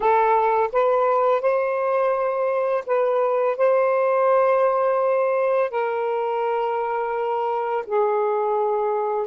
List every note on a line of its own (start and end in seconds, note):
0.00 0.69 A4
0.72 1.41 B4
1.41 2.84 C5
2.86 3.57 B4
3.57 5.70 C5
5.70 7.84 A#4
7.86 9.27 G#4